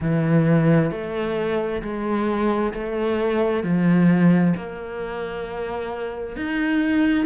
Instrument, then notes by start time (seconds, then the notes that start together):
cello
0.00 E3
0.91 A3
1.82 G#3
2.73 A3
3.63 F3
4.56 A#3
6.36 D#4